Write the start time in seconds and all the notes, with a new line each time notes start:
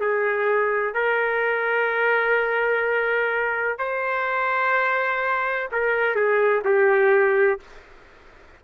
0.00 G#4
0.94 A#4
3.78 C5
5.72 A#4
6.16 G#4
6.65 G4